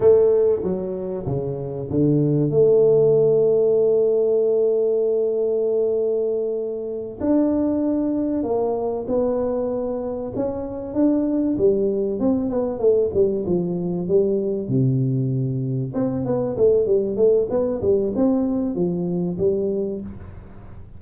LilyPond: \new Staff \with { instrumentName = "tuba" } { \time 4/4 \tempo 4 = 96 a4 fis4 cis4 d4 | a1~ | a2.~ a8 d'8~ | d'4. ais4 b4.~ |
b8 cis'4 d'4 g4 c'8 | b8 a8 g8 f4 g4 c8~ | c4. c'8 b8 a8 g8 a8 | b8 g8 c'4 f4 g4 | }